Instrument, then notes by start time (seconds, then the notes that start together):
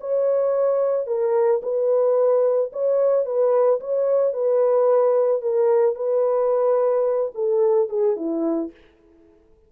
horn
0.00 C#5
1.06 A#4
1.62 B4
2.72 C#5
3.25 B4
3.80 C#5
4.33 B4
5.41 A#4
5.95 B4
7.34 A4
7.89 G#4
8.16 E4